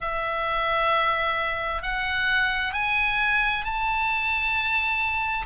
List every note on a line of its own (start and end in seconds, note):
0.00 1.82 E5
1.82 2.73 F#5
2.73 3.64 G#5
3.64 5.45 A5